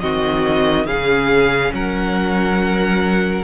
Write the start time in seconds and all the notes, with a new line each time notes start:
0.00 D#3 C4 F#4 D#5
0.86 C#3 C#4 G#4 F5
1.72 F#3 A#4 F#5